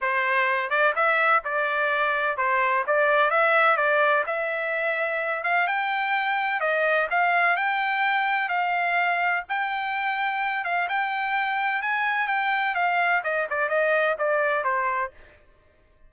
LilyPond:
\new Staff \with { instrumentName = "trumpet" } { \time 4/4 \tempo 4 = 127 c''4. d''8 e''4 d''4~ | d''4 c''4 d''4 e''4 | d''4 e''2~ e''8 f''8 | g''2 dis''4 f''4 |
g''2 f''2 | g''2~ g''8 f''8 g''4~ | g''4 gis''4 g''4 f''4 | dis''8 d''8 dis''4 d''4 c''4 | }